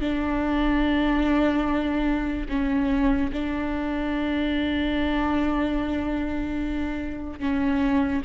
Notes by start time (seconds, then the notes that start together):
0.00 D4
2.49 C#4
3.32 D4
7.39 C#4